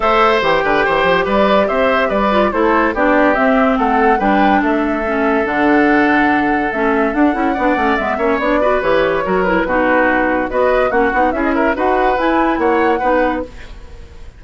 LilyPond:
<<
  \new Staff \with { instrumentName = "flute" } { \time 4/4 \tempo 4 = 143 e''4 g''2 d''4 | e''4 d''4 c''4 d''4 | e''4 fis''4 g''4 e''4~ | e''4 fis''2. |
e''4 fis''2 e''4 | d''4 cis''4. b'4.~ | b'4 dis''4 fis''4 e''16 dis''16 e''8 | fis''4 gis''4 fis''2 | }
  \new Staff \with { instrumentName = "oboe" } { \time 4/4 c''4. b'8 c''4 b'4 | c''4 b'4 a'4 g'4~ | g'4 a'4 b'4 a'4~ | a'1~ |
a'2 d''4. cis''8~ | cis''8 b'4. ais'4 fis'4~ | fis'4 b'4 fis'4 gis'8 ais'8 | b'2 cis''4 b'4 | }
  \new Staff \with { instrumentName = "clarinet" } { \time 4/4 a'4 g'2.~ | g'4. f'8 e'4 d'4 | c'2 d'2 | cis'4 d'2. |
cis'4 d'8 e'8 d'8 cis'8 b8 cis'8 | d'8 fis'8 g'4 fis'8 e'8 dis'4~ | dis'4 fis'4 cis'8 dis'8 e'4 | fis'4 e'2 dis'4 | }
  \new Staff \with { instrumentName = "bassoon" } { \time 4/4 a4 e8 d8 e8 f8 g4 | c'4 g4 a4 b4 | c'4 a4 g4 a4~ | a4 d2. |
a4 d'8 cis'8 b8 a8 gis8 ais8 | b4 e4 fis4 b,4~ | b,4 b4 ais8 b8 cis'4 | dis'4 e'4 ais4 b4 | }
>>